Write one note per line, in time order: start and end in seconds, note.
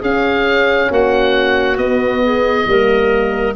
0.00 0.90 C#4
0.00 1.77 C#4
0.00 0.88 G#4
0.00 0.92 F5
0.91 1.77 A#3
0.91 2.23 F#4
0.91 1.78 F#5
1.77 2.66 B3
1.77 3.54 D#5
2.24 2.68 G#4
2.67 3.55 G3
2.67 3.56 A#3
2.67 3.56 A#4